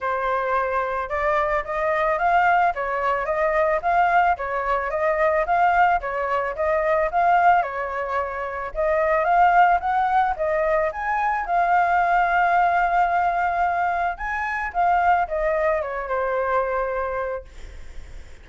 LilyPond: \new Staff \with { instrumentName = "flute" } { \time 4/4 \tempo 4 = 110 c''2 d''4 dis''4 | f''4 cis''4 dis''4 f''4 | cis''4 dis''4 f''4 cis''4 | dis''4 f''4 cis''2 |
dis''4 f''4 fis''4 dis''4 | gis''4 f''2.~ | f''2 gis''4 f''4 | dis''4 cis''8 c''2~ c''8 | }